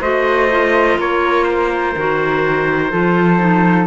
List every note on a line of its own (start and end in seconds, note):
0.00 0.98 A3
0.00 0.49 F#4
0.00 0.97 C5
0.00 0.99 D#5
0.50 1.95 F4
0.98 1.95 A#3
0.98 2.92 A#4
0.98 1.44 C#5
1.44 3.85 C5
1.96 2.92 D#3
1.96 2.91 F#4
2.91 3.86 F3
2.91 3.39 F4
2.91 3.86 A4
3.39 3.86 D#4